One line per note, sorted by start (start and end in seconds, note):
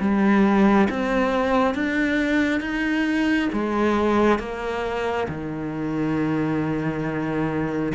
0.00 0.88 G3
0.90 1.75 C4
1.75 2.61 D4
2.61 3.49 D#4
3.53 4.39 G#3
4.39 5.27 A#3
5.29 7.93 D#3